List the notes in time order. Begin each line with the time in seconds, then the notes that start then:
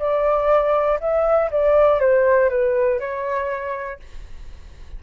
0.00 D5
1.00 E5
1.51 D5
2.00 C5
2.50 B4
3.00 C#5